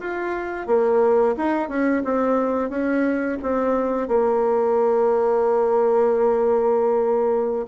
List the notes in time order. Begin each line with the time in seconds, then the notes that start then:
0.00 F4
0.67 A#3
1.37 D#4
1.69 C#4
2.05 C4
2.70 C#4
3.42 C4
4.08 A#3